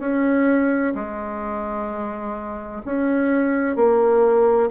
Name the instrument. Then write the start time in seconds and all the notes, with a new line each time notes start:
bassoon
0.00 C#4
0.95 G#3
2.86 C#4
3.76 A#3